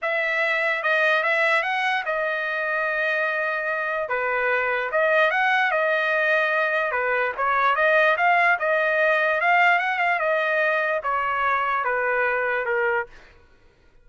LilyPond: \new Staff \with { instrumentName = "trumpet" } { \time 4/4 \tempo 4 = 147 e''2 dis''4 e''4 | fis''4 dis''2.~ | dis''2 b'2 | dis''4 fis''4 dis''2~ |
dis''4 b'4 cis''4 dis''4 | f''4 dis''2 f''4 | fis''8 f''8 dis''2 cis''4~ | cis''4 b'2 ais'4 | }